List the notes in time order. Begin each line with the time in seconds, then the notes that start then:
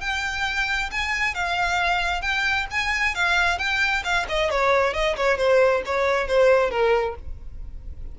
0.00 G5
0.91 G#5
1.34 F5
2.21 G5
2.70 G#5
3.14 F5
3.58 G5
4.03 F5
4.28 D#5
4.50 C#5
4.93 D#5
5.16 C#5
5.37 C5
5.85 C#5
6.27 C5
6.70 A#4